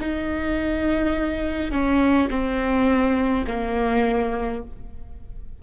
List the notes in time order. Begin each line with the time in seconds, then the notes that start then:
0.00 D#4
1.71 C#4
2.30 C4
3.47 A#3